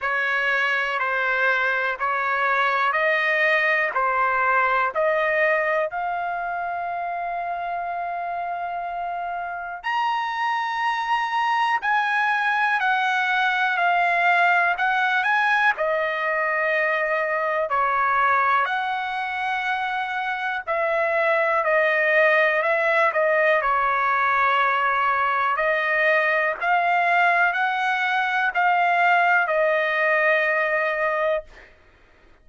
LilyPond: \new Staff \with { instrumentName = "trumpet" } { \time 4/4 \tempo 4 = 61 cis''4 c''4 cis''4 dis''4 | c''4 dis''4 f''2~ | f''2 ais''2 | gis''4 fis''4 f''4 fis''8 gis''8 |
dis''2 cis''4 fis''4~ | fis''4 e''4 dis''4 e''8 dis''8 | cis''2 dis''4 f''4 | fis''4 f''4 dis''2 | }